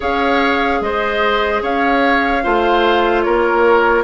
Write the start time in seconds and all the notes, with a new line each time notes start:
0.00 C#4 G#4 C#5 F5
0.81 G#3 C5 D#5
1.62 C#4 C#5 F5
2.43 A3 F4 C5
3.21 A#3 A#4 C#5